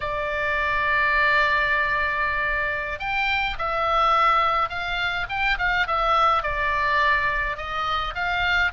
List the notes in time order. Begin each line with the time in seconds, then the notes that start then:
0.00 D5
2.99 G5
3.58 E5
4.69 F5
5.29 G5
5.58 F5
5.87 E5
6.42 D5
7.57 D#5
8.14 F5